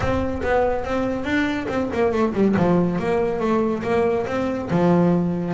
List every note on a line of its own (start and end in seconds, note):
0.00 0.41 C4
0.43 0.84 B3
0.84 1.24 C4
1.24 1.67 D4
1.68 1.89 C4
1.93 2.12 A#3
2.12 2.33 A3
2.33 2.55 G3
2.56 2.99 F3
2.99 3.39 A#3
3.39 3.82 A3
3.83 4.25 A#3
4.26 4.69 C4
4.70 5.54 F3